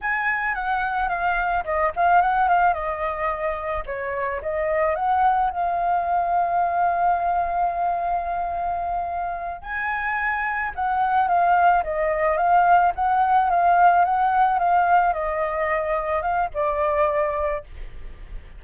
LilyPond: \new Staff \with { instrumentName = "flute" } { \time 4/4 \tempo 4 = 109 gis''4 fis''4 f''4 dis''8 f''8 | fis''8 f''8 dis''2 cis''4 | dis''4 fis''4 f''2~ | f''1~ |
f''4. gis''2 fis''8~ | fis''8 f''4 dis''4 f''4 fis''8~ | fis''8 f''4 fis''4 f''4 dis''8~ | dis''4. f''8 d''2 | }